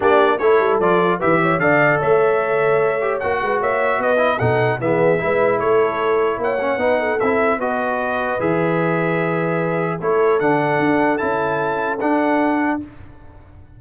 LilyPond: <<
  \new Staff \with { instrumentName = "trumpet" } { \time 4/4 \tempo 4 = 150 d''4 cis''4 d''4 e''4 | f''4 e''2. | fis''4 e''4 dis''4 fis''4 | e''2 cis''2 |
fis''2 e''4 dis''4~ | dis''4 e''2.~ | e''4 cis''4 fis''2 | a''2 fis''2 | }
  \new Staff \with { instrumentName = "horn" } { \time 4/4 g'4 a'2 b'8 cis''8 | d''4 cis''2.~ | cis''8 b'8 cis''4 b'4 a'4 | gis'4 b'4 a'2 |
cis''4 b'8 a'4. b'4~ | b'1~ | b'4 a'2.~ | a'1 | }
  \new Staff \with { instrumentName = "trombone" } { \time 4/4 d'4 e'4 f'4 g'4 | a'2.~ a'8 g'8 | fis'2~ fis'8 e'8 dis'4 | b4 e'2.~ |
e'8 cis'8 dis'4 e'4 fis'4~ | fis'4 gis'2.~ | gis'4 e'4 d'2 | e'2 d'2 | }
  \new Staff \with { instrumentName = "tuba" } { \time 4/4 ais4 a8 g8 f4 e4 | d4 a2. | ais8 gis8 ais4 b4 b,4 | e4 gis4 a2 |
ais4 b4 c'4 b4~ | b4 e2.~ | e4 a4 d4 d'4 | cis'2 d'2 | }
>>